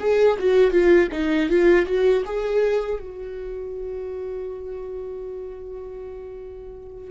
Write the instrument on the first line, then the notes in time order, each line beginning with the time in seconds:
viola
0.00 G#4
0.39 F#4
0.71 F4
1.12 D#4
1.49 F4
1.86 F#4
2.25 G#4
3.00 F#4